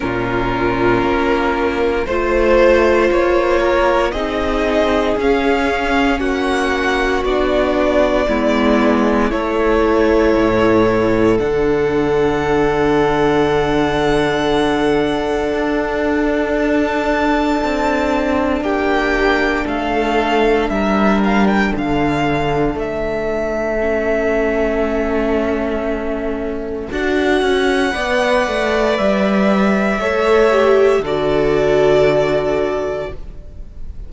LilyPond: <<
  \new Staff \with { instrumentName = "violin" } { \time 4/4 \tempo 4 = 58 ais'2 c''4 cis''4 | dis''4 f''4 fis''4 d''4~ | d''4 cis''2 fis''4~ | fis''1 |
a''2 g''4 f''4 | e''8 f''16 g''16 f''4 e''2~ | e''2 fis''2 | e''2 d''2 | }
  \new Staff \with { instrumentName = "violin" } { \time 4/4 f'2 c''4. ais'8 | gis'2 fis'2 | e'4 a'2.~ | a'1~ |
a'2 g'4 a'4 | ais'4 a'2.~ | a'2. d''4~ | d''4 cis''4 a'2 | }
  \new Staff \with { instrumentName = "viola" } { \time 4/4 cis'2 f'2 | dis'4 cis'2 d'4 | b4 e'2 d'4~ | d'1~ |
d'1~ | d'2. cis'4~ | cis'2 fis'4 b'4~ | b'4 a'8 g'8 fis'2 | }
  \new Staff \with { instrumentName = "cello" } { \time 4/4 ais,4 ais4 a4 ais4 | c'4 cis'4 ais4 b4 | gis4 a4 a,4 d4~ | d2. d'4~ |
d'4 c'4 ais4 a4 | g4 d4 a2~ | a2 d'8 cis'8 b8 a8 | g4 a4 d2 | }
>>